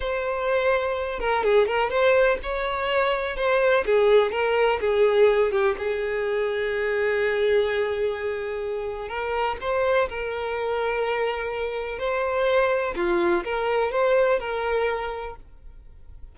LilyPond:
\new Staff \with { instrumentName = "violin" } { \time 4/4 \tempo 4 = 125 c''2~ c''8 ais'8 gis'8 ais'8 | c''4 cis''2 c''4 | gis'4 ais'4 gis'4. g'8 | gis'1~ |
gis'2. ais'4 | c''4 ais'2.~ | ais'4 c''2 f'4 | ais'4 c''4 ais'2 | }